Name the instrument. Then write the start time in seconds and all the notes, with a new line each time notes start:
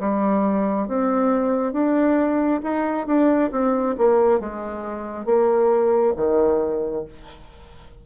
bassoon
0.00 G3
0.88 C4
1.72 D4
2.63 D#4
3.07 D4
3.51 C4
3.98 A#3
4.40 G#3
5.25 A#3
6.16 D#3